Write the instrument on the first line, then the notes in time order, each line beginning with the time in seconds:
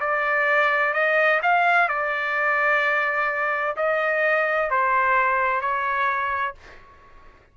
trumpet
0.00 D5
0.93 D#5
1.42 F5
1.88 D5
3.76 D#5
4.70 C5
5.61 C#5